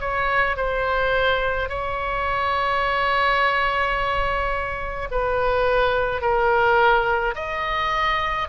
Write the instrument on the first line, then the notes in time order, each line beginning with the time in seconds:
oboe
0.00 C#5
0.57 C5
1.69 C#5
5.11 B4
6.22 A#4
7.35 D#5